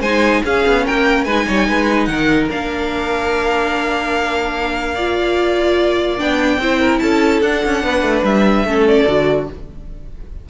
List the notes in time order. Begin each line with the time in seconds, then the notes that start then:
0.00 G#3 D#4 C5 G#5
0.44 C#4 G#4 F5
0.66 B3
0.85 A#3 A#4 G5
1.24 G#3 D#4 B4 G#5
1.46 G3 C#5
1.68 G#3 B4
2.05 D#3 A#4 F#5
2.49 A#3 D4 F5
4.94 F4 D5
6.17 B3 D4 G5
6.58 C4 E4 C5
6.80 A#4
6.99 C#4 A4 A5
7.42 D4 F#5
7.65 C#4
7.83 B3 B4
8.02 A3
8.23 G3 E5
8.64 A3 C#4 A4
8.87 D5
9.07 D3 F#4